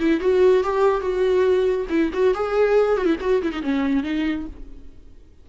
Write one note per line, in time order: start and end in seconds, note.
0.00 0.21 E4
0.21 0.64 F#4
0.64 1.01 G4
1.01 1.87 F#4
1.90 2.12 E4
2.14 2.35 F#4
2.35 2.98 G#4
2.98 3.06 F#4
3.06 3.17 E4
3.21 3.42 F#4
3.43 3.52 E4
3.52 3.63 D#4
3.63 4.04 C#4
4.04 4.46 D#4